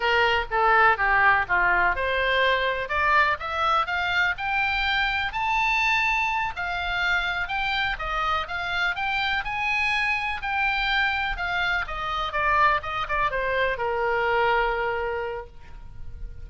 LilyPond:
\new Staff \with { instrumentName = "oboe" } { \time 4/4 \tempo 4 = 124 ais'4 a'4 g'4 f'4 | c''2 d''4 e''4 | f''4 g''2 a''4~ | a''4. f''2 g''8~ |
g''8 dis''4 f''4 g''4 gis''8~ | gis''4. g''2 f''8~ | f''8 dis''4 d''4 dis''8 d''8 c''8~ | c''8 ais'2.~ ais'8 | }